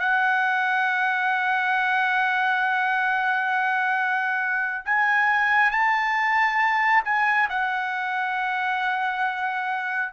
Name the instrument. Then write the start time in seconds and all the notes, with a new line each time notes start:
trumpet
0.00 F#5
4.86 G#5
5.71 A5
7.05 G#5
7.50 F#5